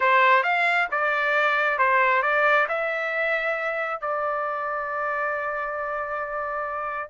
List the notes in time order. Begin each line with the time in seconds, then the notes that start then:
0.00 C5
0.43 F5
0.91 D5
1.78 C5
2.22 D5
2.68 E5
4.01 D5